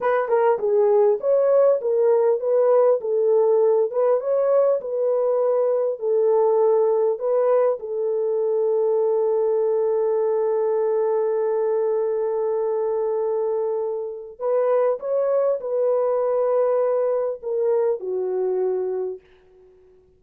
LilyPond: \new Staff \with { instrumentName = "horn" } { \time 4/4 \tempo 4 = 100 b'8 ais'8 gis'4 cis''4 ais'4 | b'4 a'4. b'8 cis''4 | b'2 a'2 | b'4 a'2.~ |
a'1~ | a'1 | b'4 cis''4 b'2~ | b'4 ais'4 fis'2 | }